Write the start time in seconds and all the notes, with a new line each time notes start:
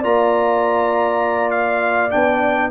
0.00 A#3 F4 D5 A#5
1.51 F5
2.11 B3 D4 G5